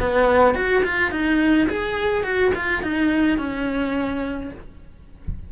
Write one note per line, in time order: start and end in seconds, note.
0.00 0.55 B3
0.55 0.83 F#4
0.84 1.11 F4
1.11 1.68 D#4
1.69 2.24 G#4
2.24 2.52 F#4
2.55 2.83 F4
2.83 3.38 D#4
3.38 4.51 C#4